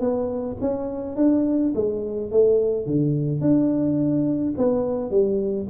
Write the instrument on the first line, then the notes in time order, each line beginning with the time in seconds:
tuba
0.00 B3
0.61 C#4
1.16 D4
1.75 G#3
2.31 A3
2.86 D3
3.41 D4
4.57 B3
5.10 G3